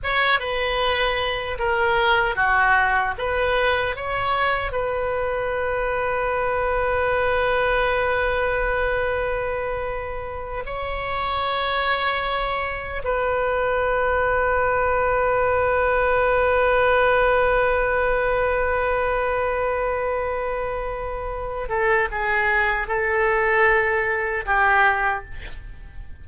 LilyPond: \new Staff \with { instrumentName = "oboe" } { \time 4/4 \tempo 4 = 76 cis''8 b'4. ais'4 fis'4 | b'4 cis''4 b'2~ | b'1~ | b'4. cis''2~ cis''8~ |
cis''8 b'2.~ b'8~ | b'1~ | b'2.~ b'8 a'8 | gis'4 a'2 g'4 | }